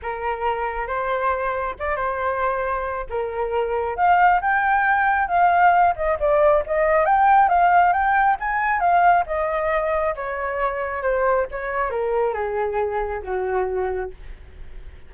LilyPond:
\new Staff \with { instrumentName = "flute" } { \time 4/4 \tempo 4 = 136 ais'2 c''2 | d''8 c''2~ c''8 ais'4~ | ais'4 f''4 g''2 | f''4. dis''8 d''4 dis''4 |
g''4 f''4 g''4 gis''4 | f''4 dis''2 cis''4~ | cis''4 c''4 cis''4 ais'4 | gis'2 fis'2 | }